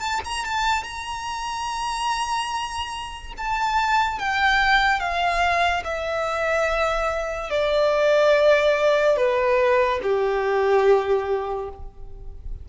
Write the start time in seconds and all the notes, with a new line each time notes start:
0.00 A5
0.25 A#5
0.45 A5
0.84 A#5
3.38 A5
4.19 G5
5.00 F5
5.85 E5
7.50 D5
9.17 B4
10.03 G4